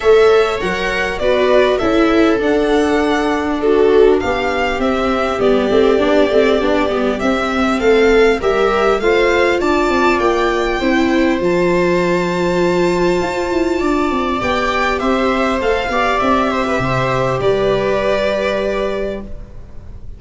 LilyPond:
<<
  \new Staff \with { instrumentName = "violin" } { \time 4/4 \tempo 4 = 100 e''4 fis''4 d''4 e''4 | fis''2 a'4 f''4 | e''4 d''2. | e''4 f''4 e''4 f''4 |
a''4 g''2 a''4~ | a''1 | g''4 e''4 f''4 e''4~ | e''4 d''2. | }
  \new Staff \with { instrumentName = "viola" } { \time 4/4 cis''2 b'4 a'4~ | a'2 fis'4 g'4~ | g'1~ | g'4 a'4 ais'4 c''4 |
d''2 c''2~ | c''2. d''4~ | d''4 c''4. d''4 c''16 b'16 | c''4 b'2. | }
  \new Staff \with { instrumentName = "viola" } { \time 4/4 a'4 ais'4 fis'4 e'4 | d'1 | c'4 b8 c'8 d'8 c'8 d'8 b8 | c'2 g'4 f'4~ |
f'2 e'4 f'4~ | f'1 | g'2 a'8 g'4.~ | g'1 | }
  \new Staff \with { instrumentName = "tuba" } { \time 4/4 a4 fis4 b4 cis'4 | d'2. b4 | c'4 g8 a8 b8 a8 b8 g8 | c'4 a4 g4 a4 |
d'8 c'8 ais4 c'4 f4~ | f2 f'8 e'8 d'8 c'8 | b4 c'4 a8 b8 c'4 | c4 g2. | }
>>